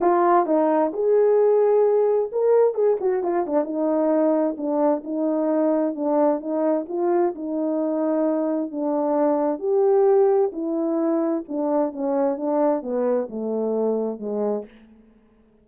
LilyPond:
\new Staff \with { instrumentName = "horn" } { \time 4/4 \tempo 4 = 131 f'4 dis'4 gis'2~ | gis'4 ais'4 gis'8 fis'8 f'8 d'8 | dis'2 d'4 dis'4~ | dis'4 d'4 dis'4 f'4 |
dis'2. d'4~ | d'4 g'2 e'4~ | e'4 d'4 cis'4 d'4 | b4 a2 gis4 | }